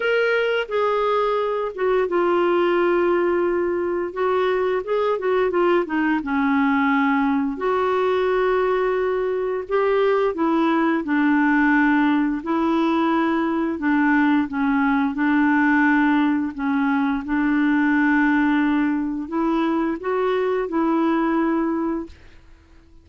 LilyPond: \new Staff \with { instrumentName = "clarinet" } { \time 4/4 \tempo 4 = 87 ais'4 gis'4. fis'8 f'4~ | f'2 fis'4 gis'8 fis'8 | f'8 dis'8 cis'2 fis'4~ | fis'2 g'4 e'4 |
d'2 e'2 | d'4 cis'4 d'2 | cis'4 d'2. | e'4 fis'4 e'2 | }